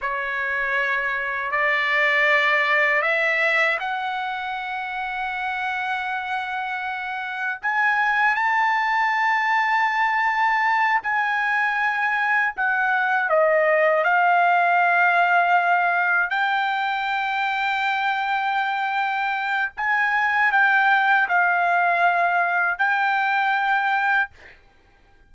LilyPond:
\new Staff \with { instrumentName = "trumpet" } { \time 4/4 \tempo 4 = 79 cis''2 d''2 | e''4 fis''2.~ | fis''2 gis''4 a''4~ | a''2~ a''8 gis''4.~ |
gis''8 fis''4 dis''4 f''4.~ | f''4. g''2~ g''8~ | g''2 gis''4 g''4 | f''2 g''2 | }